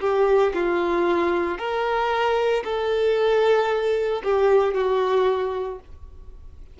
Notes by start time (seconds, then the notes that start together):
0.00 G4
0.54 F4
1.58 A#4
2.64 A4
4.23 G4
4.74 F#4